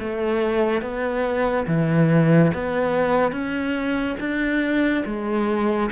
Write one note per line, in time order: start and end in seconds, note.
0.00 0.82 A3
0.82 1.67 B3
1.67 2.52 E3
2.54 3.32 B3
3.32 4.17 C#4
4.20 5.05 D4
5.06 5.90 G#3